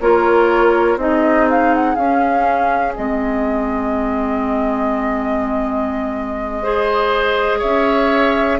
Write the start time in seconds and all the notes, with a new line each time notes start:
0.00 A#3 F4 A#4 C#5
0.96 C4 D#4 G#4 D#5
1.50 F5
1.74 F#5
1.95 C#4 F5
2.95 G#3 C4 D#5
6.62 G#4 C5
7.59 C#4 C#5 E5